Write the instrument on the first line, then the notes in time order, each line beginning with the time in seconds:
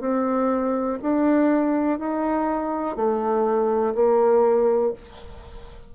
bassoon
0.00 C4
1.02 D4
1.99 D#4
2.96 A3
3.94 A#3